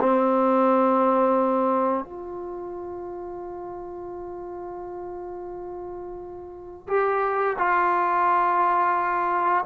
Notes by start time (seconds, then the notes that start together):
0.00 C4
2.04 F4
6.88 G4
7.58 F4